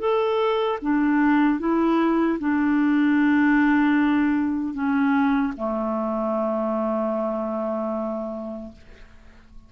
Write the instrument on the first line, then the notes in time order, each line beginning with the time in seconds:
clarinet
0.00 A4
0.82 D4
1.60 E4
2.40 D4
4.74 C#4
5.57 A3